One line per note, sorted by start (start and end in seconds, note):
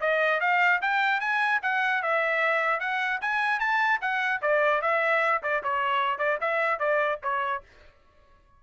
0.00 0.40 D#5
0.40 0.80 F5
0.81 1.20 G5
1.20 1.60 G#5
1.62 2.02 F#5
2.02 2.80 E5
2.80 3.20 F#5
3.21 3.59 G#5
3.59 3.99 A5
4.01 4.41 F#5
4.41 4.81 D5
4.81 5.41 E5
5.43 5.63 D5
5.63 6.18 C#5
6.18 6.38 D5
6.41 6.79 E5
6.79 7.19 D5
7.22 7.62 C#5